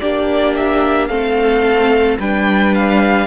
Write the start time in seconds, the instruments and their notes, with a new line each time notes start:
0.00 cello A#3, viola D4, violin G4 D5
0.56 violin E5
1.07 cello A3, viola C4, violin A4 F5
2.19 cello G3, viola D4, violin B4 G5
2.74 violin F5